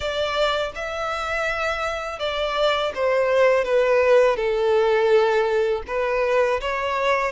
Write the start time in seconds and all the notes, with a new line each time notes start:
0.00 D5
0.75 E5
2.19 D5
2.94 C5
3.64 B4
4.36 A4
5.87 B4
6.61 C#5